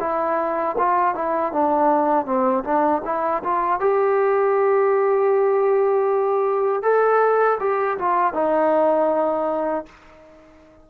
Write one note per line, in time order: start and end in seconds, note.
0.00 0.76 E4
0.78 1.15 F4
1.15 1.52 E4
1.52 2.25 D4
2.25 2.63 C4
2.64 3.02 D4
3.05 3.43 E4
3.43 3.80 F4
3.80 6.82 G4
6.82 7.58 A4
7.60 7.98 G4
7.98 8.34 F4
8.34 9.86 D#4